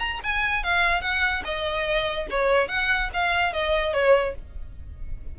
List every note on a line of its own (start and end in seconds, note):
0.00 0.21 A#5
0.24 0.64 G#5
0.64 1.02 F5
1.02 1.43 F#5
1.45 2.28 D#5
2.31 2.69 C#5
2.69 3.10 F#5
3.14 3.53 F5
3.53 3.94 D#5
3.94 4.35 C#5